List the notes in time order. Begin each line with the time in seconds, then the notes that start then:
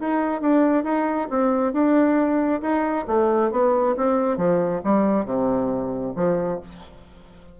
0.00 D#4
0.41 D4
0.84 D#4
1.30 C4
1.73 D4
2.61 D#4
3.07 A3
3.51 B3
3.97 C4
4.37 F3
4.84 G3
5.25 C3
6.16 F3